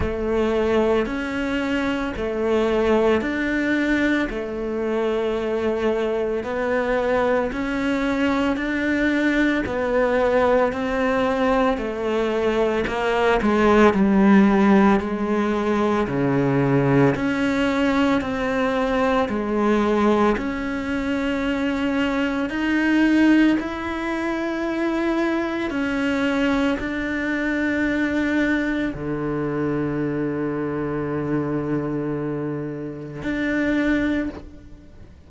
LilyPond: \new Staff \with { instrumentName = "cello" } { \time 4/4 \tempo 4 = 56 a4 cis'4 a4 d'4 | a2 b4 cis'4 | d'4 b4 c'4 a4 | ais8 gis8 g4 gis4 cis4 |
cis'4 c'4 gis4 cis'4~ | cis'4 dis'4 e'2 | cis'4 d'2 d4~ | d2. d'4 | }